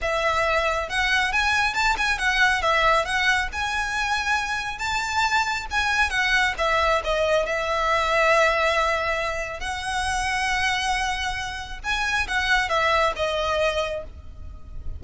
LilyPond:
\new Staff \with { instrumentName = "violin" } { \time 4/4 \tempo 4 = 137 e''2 fis''4 gis''4 | a''8 gis''8 fis''4 e''4 fis''4 | gis''2. a''4~ | a''4 gis''4 fis''4 e''4 |
dis''4 e''2.~ | e''2 fis''2~ | fis''2. gis''4 | fis''4 e''4 dis''2 | }